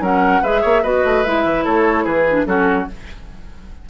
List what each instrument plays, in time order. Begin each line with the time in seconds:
0.00 bassoon F#3, clarinet C#4, oboe A#4, flute F#5
0.41 bassoon G#3, clarinet G#4, oboe B4, flute E5
0.61 bassoon A#3, oboe C#5
0.82 bassoon B3, clarinet F#4, oboe B4, flute D#5
1.04 bassoon A3
1.23 bassoon G#3, clarinet E4, flute E5
1.44 bassoon E3
1.64 bassoon A3, oboe A4, flute C#5
2.03 bassoon E3, oboe G#4, flute B4
2.28 clarinet D4
2.45 bassoon F#3, clarinet C#4, oboe F#4, flute A4